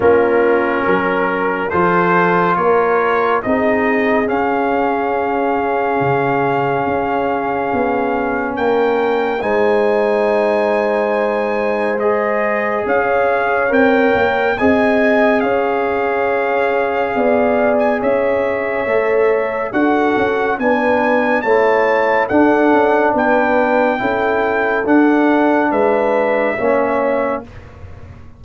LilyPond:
<<
  \new Staff \with { instrumentName = "trumpet" } { \time 4/4 \tempo 4 = 70 ais'2 c''4 cis''4 | dis''4 f''2.~ | f''2 g''4 gis''4~ | gis''2 dis''4 f''4 |
g''4 gis''4 f''2~ | f''8. gis''16 e''2 fis''4 | gis''4 a''4 fis''4 g''4~ | g''4 fis''4 e''2 | }
  \new Staff \with { instrumentName = "horn" } { \time 4/4 f'4 ais'4 a'4 ais'4 | gis'1~ | gis'2 ais'4 c''4~ | c''2. cis''4~ |
cis''4 dis''4 cis''2 | d''4 cis''2 a'4 | b'4 cis''4 a'4 b'4 | a'2 b'4 cis''4 | }
  \new Staff \with { instrumentName = "trombone" } { \time 4/4 cis'2 f'2 | dis'4 cis'2.~ | cis'2. dis'4~ | dis'2 gis'2 |
ais'4 gis'2.~ | gis'2 a'4 fis'4 | d'4 e'4 d'2 | e'4 d'2 cis'4 | }
  \new Staff \with { instrumentName = "tuba" } { \time 4/4 ais4 fis4 f4 ais4 | c'4 cis'2 cis4 | cis'4 b4 ais4 gis4~ | gis2. cis'4 |
c'8 ais8 c'4 cis'2 | b4 cis'4 a4 d'8 cis'8 | b4 a4 d'8 cis'8 b4 | cis'4 d'4 gis4 ais4 | }
>>